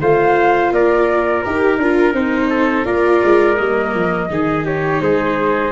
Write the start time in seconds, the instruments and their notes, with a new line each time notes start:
0.00 tuba A3, viola F4, trumpet C5, flute F5
0.72 tuba A#3, trumpet A#4, flute D5
1.42 tuba D#4, viola G4, flute A#4
1.78 tuba D4, viola F4
2.13 tuba C4, viola D#4, flute C5
2.49 trumpet A4
2.84 tuba A#3, viola F4, trumpet A#4, flute D5
3.24 tuba G#3
3.56 tuba G3, viola A#3, flute D#5
3.94 tuba F3
4.30 tuba D#3, viola D#4, trumpet G#4
4.65 trumpet G4, flute C#5
5.01 tuba G#3, trumpet G#4, flute C5